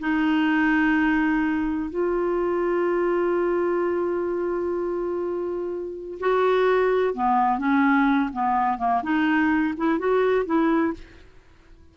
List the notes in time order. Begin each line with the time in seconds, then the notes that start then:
0.00 D#4
1.90 F4
6.20 F#4
7.14 B3
7.59 C#4
8.33 B3
8.78 A#3
9.03 D#4
9.77 E4
9.99 F#4
10.46 E4